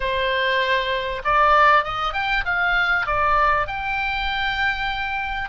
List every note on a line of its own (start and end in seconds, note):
0.00 1.22 C5
1.24 1.83 D5
1.83 2.13 D#5
2.13 2.44 G5
2.45 3.06 F5
3.06 3.67 D5
3.67 5.49 G5